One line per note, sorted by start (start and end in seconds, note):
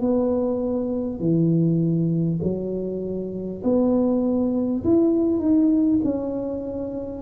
0.00 1.19 B3
1.19 2.39 E3
2.42 3.62 F#3
3.63 4.83 B3
4.84 5.39 E4
5.39 5.99 D#4
6.04 7.22 C#4